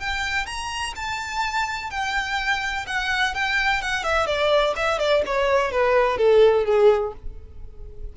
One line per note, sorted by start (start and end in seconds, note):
0.00 0.47 G5
0.47 0.94 A#5
0.96 1.91 A5
1.91 2.86 G5
2.87 3.35 F#5
3.35 3.82 G5
3.82 4.04 F#5
4.04 4.27 E5
4.27 4.74 D5
4.76 4.99 E5
4.99 5.23 D5
5.27 5.72 C#5
5.72 6.18 B4
6.18 6.66 A4
6.66 7.13 G#4